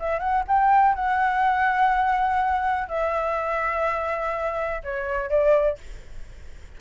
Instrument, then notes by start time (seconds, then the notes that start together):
flute
0.00 E5
0.20 F#5
0.48 G5
0.95 F#5
2.89 E5
4.84 C#5
5.30 D5